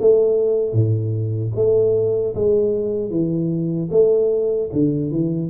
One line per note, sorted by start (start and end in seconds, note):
0.00 0.73 A3
0.73 1.52 A2
1.56 2.35 A3
2.35 3.10 G#3
3.10 3.89 E3
3.91 4.70 A3
4.73 5.11 D3
5.11 5.50 E3